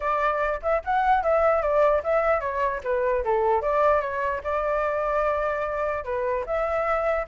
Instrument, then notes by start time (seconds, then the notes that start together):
flute
0.00 D5
0.62 E5
0.84 F#5
1.23 E5
1.62 D5
2.03 E5
2.40 C#5
2.83 B4
3.24 A4
3.61 D5
4.01 C#5
4.43 D5
6.04 B4
6.46 E5